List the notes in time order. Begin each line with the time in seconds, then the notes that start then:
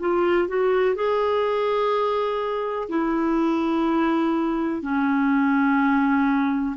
0.00 F4
0.48 F#4
0.95 G#4
2.89 E4
4.83 C#4